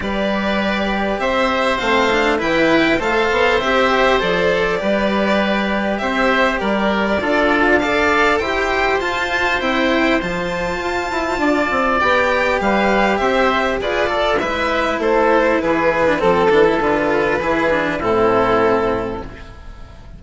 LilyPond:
<<
  \new Staff \with { instrumentName = "violin" } { \time 4/4 \tempo 4 = 100 d''2 e''4 f''4 | g''4 f''4 e''4 d''4~ | d''2 e''4 d''4~ | d''4 f''4 g''4 a''4 |
g''4 a''2. | g''4 f''4 e''4 d''4 | e''4 c''4 b'4 a'4 | b'2 a'2 | }
  \new Staff \with { instrumentName = "oboe" } { \time 4/4 b'2 c''2 | b'4 c''2. | b'2 c''4 ais'4 | a'4 d''4 c''2~ |
c''2. d''4~ | d''4 b'4 c''4 b'8 a'8 | b'4 a'4 gis'4 a'4~ | a'4 gis'4 e'2 | }
  \new Staff \with { instrumentName = "cello" } { \time 4/4 g'2. c'8 d'8 | e'4 a'4 g'4 a'4 | g'1 | f'4 a'4 g'4 f'4 |
e'4 f'2. | g'2. gis'8 a'8 | e'2~ e'8. d'16 c'8 d'16 e'16 | f'4 e'8 d'8 c'2 | }
  \new Staff \with { instrumentName = "bassoon" } { \time 4/4 g2 c'4 a4 | e4 a8 b8 c'4 f4 | g2 c'4 g4 | d'2 e'4 f'4 |
c'4 f4 f'8 e'8 d'8 c'8 | b4 g4 c'4 f'4 | gis4 a4 e4 f8 e8 | d4 e4 a,2 | }
>>